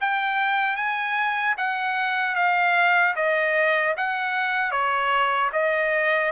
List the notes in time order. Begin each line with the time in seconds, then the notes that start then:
0.00 G5
0.76 G#5
1.57 F#5
2.35 F5
3.15 D#5
3.97 F#5
4.71 C#5
5.52 D#5